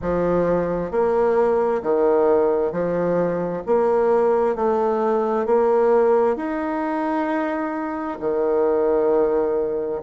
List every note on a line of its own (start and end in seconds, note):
0.01 0.91 F3
0.91 1.82 A#3
1.82 2.71 D#3
2.71 3.62 F3
3.66 4.55 A#3
4.55 5.45 A3
5.45 6.36 A#3
6.36 8.18 D#4
8.20 10.02 D#3